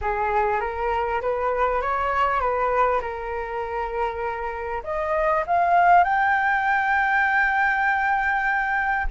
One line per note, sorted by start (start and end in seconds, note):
0.01 0.60 G#4
0.60 1.21 A#4
1.21 1.81 B4
1.81 2.40 C#5
2.40 3.01 B4
3.01 4.83 A#4
4.83 5.44 D#5
5.46 6.03 F5
6.03 9.06 G5